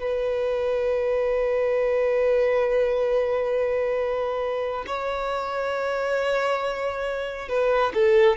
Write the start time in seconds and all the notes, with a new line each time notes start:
0.00 B4
4.87 C#5
7.48 B4
7.94 A4